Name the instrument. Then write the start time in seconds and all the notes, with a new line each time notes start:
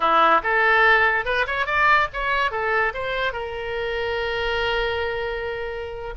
oboe
0.00 E4
0.43 A4
1.25 B4
1.46 C#5
1.66 D5
2.13 C#5
2.51 A4
2.93 C5
3.32 A#4